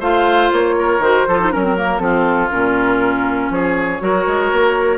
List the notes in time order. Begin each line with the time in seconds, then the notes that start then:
0.00 A3 F4 C5 F5
0.52 A#3 C#5
0.79 A#4
0.99 D#3 F#4 C5
1.28 F3 F4 A4
1.40 D#4
1.52 F#3 C#4 A#4
1.63 C4
1.77 A#3
1.99 F3 C4 F4 A4
2.50 A#2 C#4 A#4
3.50 F3 G#4 C#5
4.00 F#3 F#4 A#4
4.27 G#3
4.52 A#3